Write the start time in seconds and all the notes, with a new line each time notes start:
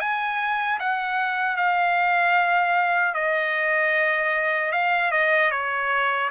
0.00 G#5
0.80 F#5
1.57 F5
3.15 D#5
4.72 F5
5.12 D#5
5.51 C#5